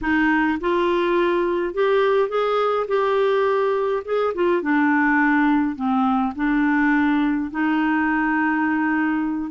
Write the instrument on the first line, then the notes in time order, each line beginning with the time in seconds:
clarinet
0.01 D#4
0.60 F4
1.73 G4
2.28 G#4
2.87 G4
4.04 G#4
4.34 F4
4.62 D4
5.75 C4
6.35 D4
7.50 D#4